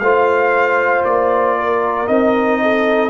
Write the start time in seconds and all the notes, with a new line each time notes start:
0.00 A3 F4 C5 F5
1.04 A#3 D5
1.58 A#4
2.08 C4 D#4 D#5
2.62 A4